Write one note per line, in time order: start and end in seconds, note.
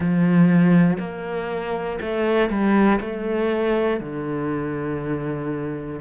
0.00 0.97 F3
0.99 1.99 A#3
2.00 2.49 A3
2.49 2.99 G3
3.00 4.00 A3
4.00 6.00 D3